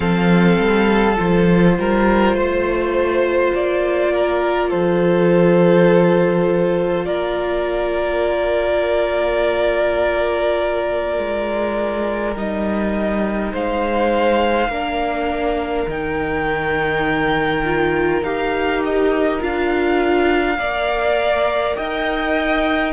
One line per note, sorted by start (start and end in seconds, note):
0.00 0.58 F3
0.00 1.15 C4
0.00 1.75 A4
0.00 1.16 F5
0.59 1.18 G3
1.15 1.78 F3
1.15 12.33 F4
1.15 3.54 C5
1.78 2.34 G3
1.78 2.36 A#4
2.34 3.51 A3
2.34 4.12 C5
3.54 4.72 A#3
3.54 4.70 D5
4.13 4.70 A#4
4.70 7.06 F3
4.70 7.05 A4
4.70 7.05 C5
7.05 11.18 A#3
7.05 13.52 A#4
7.05 12.34 D5
11.18 12.35 G#3
12.35 13.53 G3
12.35 14.70 D#4
12.35 13.54 D#5
13.52 14.68 G#3
13.52 14.69 C5
13.52 15.90 F5
14.68 15.86 A#3
14.68 15.88 D4
14.68 20.57 A#4
15.87 18.22 D#3
15.87 17.64 D#4
15.87 18.24 G5
17.64 18.23 F4
18.23 19.40 D#4
18.23 19.39 G4
18.23 18.83 F5
18.84 19.42 D#5
19.39 20.58 D4
19.39 20.57 F4
19.39 21.76 F5
20.58 21.76 A#3
20.58 22.93 A#4
20.58 21.76 D5
21.76 22.93 D#4
21.76 22.93 D#5
21.76 22.93 G5